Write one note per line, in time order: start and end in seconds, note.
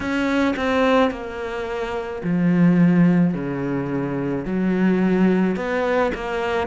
0.00 0.55 C#4
0.56 1.11 C4
1.11 2.22 A#3
2.23 3.34 F3
3.34 4.44 C#3
4.44 5.56 F#3
5.56 6.11 B3
6.14 6.67 A#3